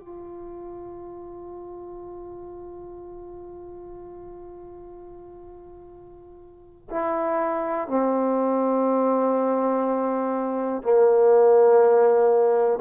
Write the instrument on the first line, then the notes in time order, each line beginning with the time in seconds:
trombone
0.00 F4
6.90 E4
7.88 C4
10.83 A#3